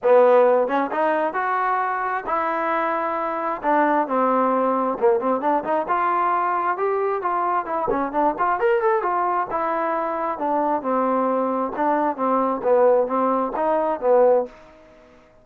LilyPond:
\new Staff \with { instrumentName = "trombone" } { \time 4/4 \tempo 4 = 133 b4. cis'8 dis'4 fis'4~ | fis'4 e'2. | d'4 c'2 ais8 c'8 | d'8 dis'8 f'2 g'4 |
f'4 e'8 cis'8 d'8 f'8 ais'8 a'8 | f'4 e'2 d'4 | c'2 d'4 c'4 | b4 c'4 dis'4 b4 | }